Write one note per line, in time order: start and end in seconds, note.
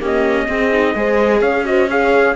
0.00 0.47 A#3
0.00 0.48 C#4
0.00 0.47 G4
0.00 1.41 D#5
0.47 0.70 C4
0.47 0.95 C4
0.47 0.96 G#4
0.72 0.96 D#4
0.95 1.41 G#3
0.95 1.65 G#4
0.95 1.40 C5
1.40 2.35 C#4
1.40 1.63 C#5
1.40 1.65 F5
1.65 1.88 F#4
1.65 1.89 C5
1.65 1.89 D#5
1.89 2.35 G#4
1.89 2.35 C#5
1.89 2.35 F5